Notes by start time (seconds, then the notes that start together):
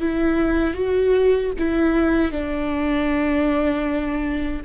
0.00 E4
0.74 F#4
1.58 E4
2.31 D4